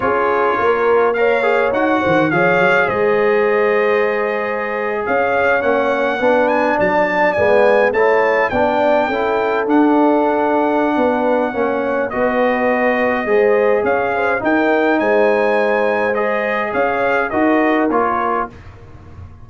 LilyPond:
<<
  \new Staff \with { instrumentName = "trumpet" } { \time 4/4 \tempo 4 = 104 cis''2 f''4 fis''4 | f''4 dis''2.~ | dis''8. f''4 fis''4. gis''8 a''16~ | a''8. gis''4 a''4 g''4~ g''16~ |
g''8. fis''2.~ fis''16~ | fis''4 dis''2. | f''4 g''4 gis''2 | dis''4 f''4 dis''4 cis''4 | }
  \new Staff \with { instrumentName = "horn" } { \time 4/4 gis'4 ais'4 cis''4. c''8 | cis''4 c''2.~ | c''8. cis''2 b'4 d''16~ | d''4.~ d''16 cis''4 d''4 a'16~ |
a'2. b'4 | cis''4 b'2 c''4 | cis''8 c''8 ais'4 c''2~ | c''4 cis''4 ais'2 | }
  \new Staff \with { instrumentName = "trombone" } { \time 4/4 f'2 ais'8 gis'8 fis'4 | gis'1~ | gis'4.~ gis'16 cis'4 d'4~ d'16~ | d'8. b4 e'4 d'4 e'16~ |
e'8. d'2.~ d'16 | cis'4 fis'2 gis'4~ | gis'4 dis'2. | gis'2 fis'4 f'4 | }
  \new Staff \with { instrumentName = "tuba" } { \time 4/4 cis'4 ais2 dis'8 dis8 | f8 fis8 gis2.~ | gis8. cis'4 ais4 b4 fis16~ | fis8. gis4 a4 b4 cis'16~ |
cis'8. d'2~ d'16 b4 | ais4 b2 gis4 | cis'4 dis'4 gis2~ | gis4 cis'4 dis'4 ais4 | }
>>